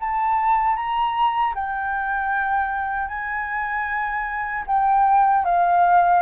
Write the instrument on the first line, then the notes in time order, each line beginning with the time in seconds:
flute
0.00 A5
0.77 A#5
1.55 G5
3.09 G#5
4.67 G5
5.45 F5